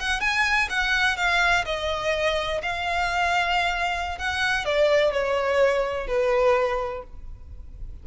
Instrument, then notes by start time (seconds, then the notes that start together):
violin
0.00 F#5
0.21 G#5
0.69 F#5
1.17 F5
1.65 D#5
2.62 F5
4.18 F#5
4.65 D5
5.13 C#5
6.07 B4